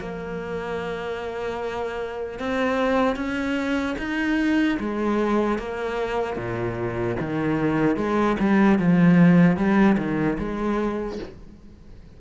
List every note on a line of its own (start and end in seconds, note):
0.00 2.39 A#3
2.39 3.16 C4
3.16 3.96 C#4
3.99 4.79 D#4
4.80 5.59 G#3
5.59 6.37 A#3
6.37 7.17 A#2
7.20 7.97 D#3
7.97 8.37 G#3
8.40 8.79 G3
8.79 9.57 F3
9.57 9.97 G3
9.98 10.38 D#3
10.39 11.19 G#3